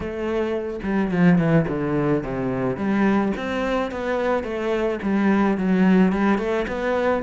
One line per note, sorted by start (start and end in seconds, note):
0.00 0.80 A3
0.83 1.11 G3
1.11 1.38 F3
1.38 1.66 E3
1.68 2.23 D3
2.23 2.76 C3
2.76 3.32 G3
3.36 3.91 C4
3.91 4.43 B3
4.43 4.98 A3
5.02 5.57 G3
5.57 6.12 F#3
6.12 6.38 G3
6.38 6.66 A3
6.67 7.22 B3